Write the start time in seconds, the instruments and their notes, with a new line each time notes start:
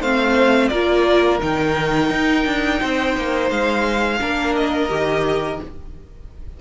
0.00 cello A3, viola C4, violin C5 F5
0.68 cello A#3, viola F4, violin A#4 D5
1.39 cello D#3, viola D#4, violin G5
2.10 cello D#4
2.45 cello D4
2.80 cello C4, violin C5
3.17 cello A#3
3.50 cello G#3, violin F5
4.20 cello A#3, viola D4, violin A#4
4.56 violin D#5
4.89 cello D#3, viola G4